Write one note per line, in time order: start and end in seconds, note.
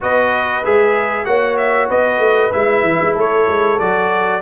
0.00 0.65 B3
0.00 0.63 F#4
0.00 1.26 B4
0.00 0.64 D#5
0.64 1.26 G#3
0.64 1.25 G#4
0.64 1.25 E5
1.25 1.89 A#3
1.25 2.51 F#4
1.25 1.88 C#5
1.25 1.56 F#5
1.57 1.88 E5
1.88 2.18 B3
1.88 3.14 B4
1.88 2.52 D#5
2.18 2.49 A3
2.52 2.83 G#3
2.52 3.79 E4
2.52 3.15 E5
2.83 2.99 E3
3.01 3.15 G#3
3.14 3.47 A3
3.14 4.41 A4
3.14 3.79 C#5
3.47 3.79 G#3
3.79 4.41 F#3
3.79 4.41 F#4
3.79 4.41 D5